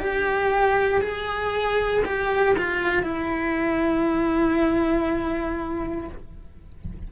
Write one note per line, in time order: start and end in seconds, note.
0.00 1.01 G4
1.01 2.03 G#4
2.05 2.56 G4
2.57 3.03 F4
3.03 6.08 E4